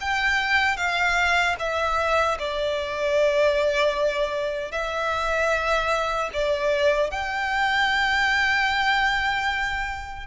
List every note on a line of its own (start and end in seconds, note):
0.00 0.76 G5
0.76 1.55 F5
1.59 2.38 E5
2.39 4.72 D5
4.72 6.29 E5
6.33 7.11 D5
7.11 10.26 G5